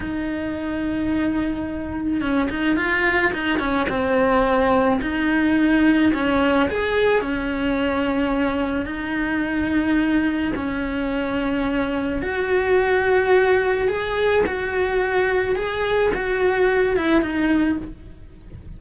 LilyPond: \new Staff \with { instrumentName = "cello" } { \time 4/4 \tempo 4 = 108 dis'1 | cis'8 dis'8 f'4 dis'8 cis'8 c'4~ | c'4 dis'2 cis'4 | gis'4 cis'2. |
dis'2. cis'4~ | cis'2 fis'2~ | fis'4 gis'4 fis'2 | gis'4 fis'4. e'8 dis'4 | }